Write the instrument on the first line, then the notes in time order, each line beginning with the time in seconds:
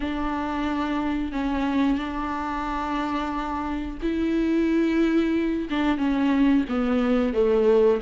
viola
0.00 D4
1.32 C#4
1.98 D4
4.02 E4
5.70 D4
5.97 C#4
6.68 B3
7.33 A3